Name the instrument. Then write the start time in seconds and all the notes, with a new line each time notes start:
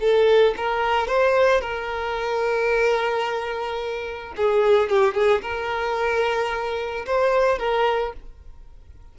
violin
0.00 A4
0.57 A#4
1.07 C5
1.61 A#4
4.36 G#4
4.89 G4
5.14 G#4
5.42 A#4
7.06 C5
7.58 A#4